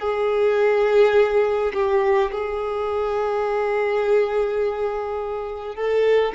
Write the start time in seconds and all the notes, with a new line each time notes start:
0.00 G#4
1.74 G4
2.32 G#4
5.75 A4